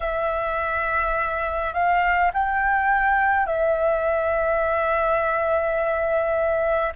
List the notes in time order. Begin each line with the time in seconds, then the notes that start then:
0.00 E5
1.73 F5
2.33 G5
3.46 E5